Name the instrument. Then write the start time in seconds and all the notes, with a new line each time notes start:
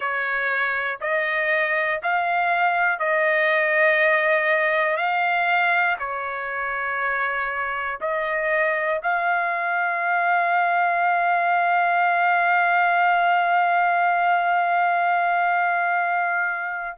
trumpet
0.00 C#5
1.00 D#5
2.02 F5
2.99 D#5
4.96 F5
5.99 C#5
8.00 D#5
9.02 F5